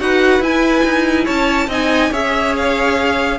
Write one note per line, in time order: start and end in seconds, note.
0.00 0.40 D#4
0.00 0.42 F#4
0.00 1.25 B4
0.00 0.43 F#5
0.40 0.82 E4
0.40 1.70 E4
0.40 1.27 G#5
0.84 1.27 D#4
1.25 1.68 C#4
1.25 1.67 C#5
1.25 1.70 A5
1.68 2.11 C4
1.68 2.13 D#4
1.68 2.11 D#5
1.68 2.13 G#5
2.11 3.39 C#4
2.11 3.39 G#4
2.11 3.39 C#5
2.11 2.56 E5
2.57 3.39 F5